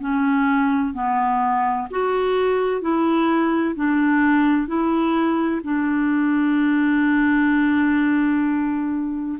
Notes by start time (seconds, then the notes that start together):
0.00 C#4
0.94 B3
1.90 F#4
2.81 E4
3.75 D4
4.67 E4
5.64 D4